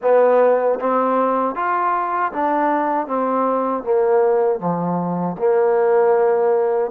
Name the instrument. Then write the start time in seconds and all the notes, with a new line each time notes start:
trombone
0.02 B3
0.80 C4
1.55 F4
2.32 D4
3.06 C4
3.83 A#3
4.59 F3
5.38 A#3